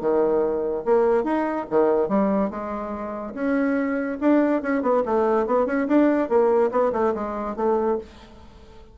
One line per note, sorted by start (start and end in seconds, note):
0.00 0.84 D#3
0.85 1.24 A#3
1.24 1.66 D#4
1.70 2.08 D#3
2.08 2.50 G3
2.50 3.34 G#3
3.34 4.18 C#4
4.20 4.62 D4
4.62 4.82 C#4
4.82 5.03 B3
5.05 5.47 A3
5.47 5.66 B3
5.66 5.87 C#4
5.88 6.29 D4
6.29 6.71 A#3
6.71 6.92 B3
6.93 7.14 A3
7.15 7.56 G#3
7.56 7.98 A3